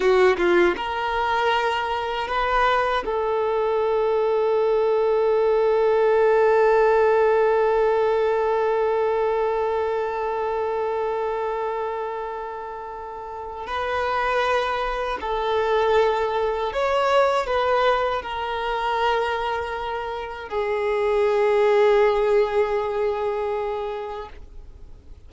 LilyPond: \new Staff \with { instrumentName = "violin" } { \time 4/4 \tempo 4 = 79 fis'8 f'8 ais'2 b'4 | a'1~ | a'1~ | a'1~ |
a'2 b'2 | a'2 cis''4 b'4 | ais'2. gis'4~ | gis'1 | }